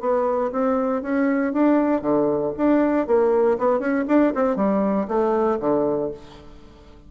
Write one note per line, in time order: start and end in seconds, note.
0.00 0.51 B3
0.51 1.02 C4
1.02 1.53 C#4
1.53 2.01 D4
2.01 2.52 D3
2.57 3.06 D4
3.06 3.57 A#3
3.58 3.79 B3
3.79 4.04 C#4
4.07 4.33 D4
4.34 4.56 C4
4.56 5.07 G3
5.07 5.58 A3
5.60 6.10 D3